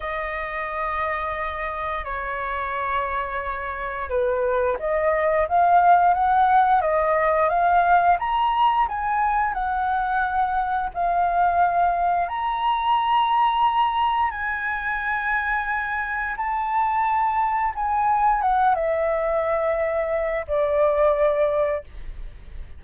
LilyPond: \new Staff \with { instrumentName = "flute" } { \time 4/4 \tempo 4 = 88 dis''2. cis''4~ | cis''2 b'4 dis''4 | f''4 fis''4 dis''4 f''4 | ais''4 gis''4 fis''2 |
f''2 ais''2~ | ais''4 gis''2. | a''2 gis''4 fis''8 e''8~ | e''2 d''2 | }